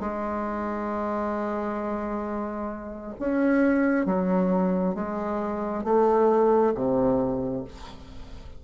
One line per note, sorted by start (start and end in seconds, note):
0.00 3.13 G#3
3.19 4.05 C#4
4.05 4.95 F#3
4.95 5.84 G#3
5.84 6.73 A3
6.74 7.64 C3